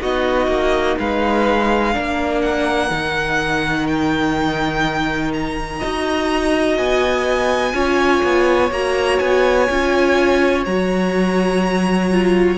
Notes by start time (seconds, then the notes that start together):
0.00 B3 D#4 F#4 D#5
0.47 A#3
0.99 G#3 B4 F5
1.92 A#3 D4 A#4
2.42 F#5
2.90 D#3 D#4
3.87 G5
5.33 A#5
5.79 D#4 F#4 D#5
6.77 B3 G#5
7.73 C#4 F4 C#5
8.24 B3
8.71 A#3 F#4 A#5
9.19 B3 G#5
9.69 C#4 F4
10.65 F#3 F#4 A#5
12.11 F4